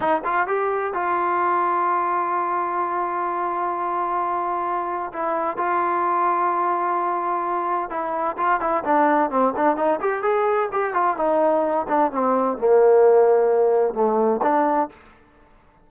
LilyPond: \new Staff \with { instrumentName = "trombone" } { \time 4/4 \tempo 4 = 129 dis'8 f'8 g'4 f'2~ | f'1~ | f'2. e'4 | f'1~ |
f'4 e'4 f'8 e'8 d'4 | c'8 d'8 dis'8 g'8 gis'4 g'8 f'8 | dis'4. d'8 c'4 ais4~ | ais2 a4 d'4 | }